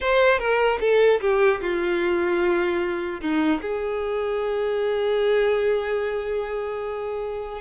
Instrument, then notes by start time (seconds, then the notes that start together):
violin
0.01 C5
0.38 A#4
0.80 A4
1.20 G4
1.61 F4
3.21 D#4
3.61 G#4